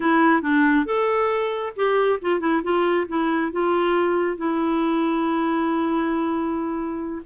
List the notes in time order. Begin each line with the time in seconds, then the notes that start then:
0.00 E4
0.42 D4
0.85 A4
1.76 G4
2.21 F4
2.40 E4
2.63 F4
3.08 E4
3.52 F4
4.37 E4